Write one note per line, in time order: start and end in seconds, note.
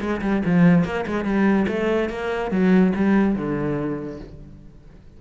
0.00 0.21 G#3
0.21 0.42 G3
0.45 0.84 F3
0.84 1.05 A#3
1.07 1.24 G#3
1.24 1.66 G3
1.68 2.09 A3
2.09 2.51 A#3
2.51 2.93 F#3
2.95 3.35 G3
3.35 4.19 D3